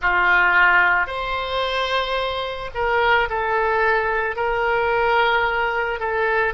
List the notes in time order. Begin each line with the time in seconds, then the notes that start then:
0.01 F4
1.06 C5
2.74 A#4
3.29 A4
4.36 A#4
6.00 A4